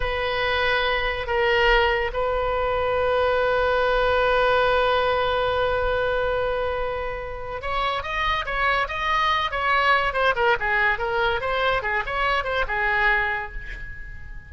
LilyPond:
\new Staff \with { instrumentName = "oboe" } { \time 4/4 \tempo 4 = 142 b'2. ais'4~ | ais'4 b'2.~ | b'1~ | b'1~ |
b'2 cis''4 dis''4 | cis''4 dis''4. cis''4. | c''8 ais'8 gis'4 ais'4 c''4 | gis'8 cis''4 c''8 gis'2 | }